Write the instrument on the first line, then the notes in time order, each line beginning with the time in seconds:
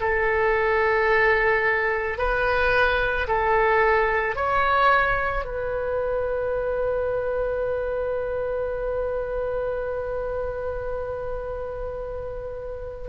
oboe
0.00 A4
2.18 B4
3.27 A4
4.35 C#5
5.44 B4